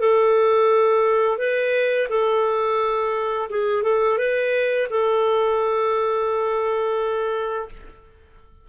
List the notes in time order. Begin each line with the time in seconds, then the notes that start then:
0.00 A4
1.38 B4
2.09 A4
3.49 G#4
3.83 A4
4.18 B4
4.90 A4